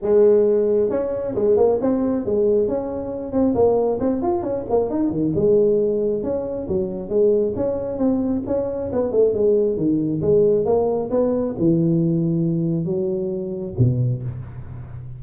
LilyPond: \new Staff \with { instrumentName = "tuba" } { \time 4/4 \tempo 4 = 135 gis2 cis'4 gis8 ais8 | c'4 gis4 cis'4. c'8 | ais4 c'8 f'8 cis'8 ais8 dis'8 dis8 | gis2 cis'4 fis4 |
gis4 cis'4 c'4 cis'4 | b8 a8 gis4 dis4 gis4 | ais4 b4 e2~ | e4 fis2 b,4 | }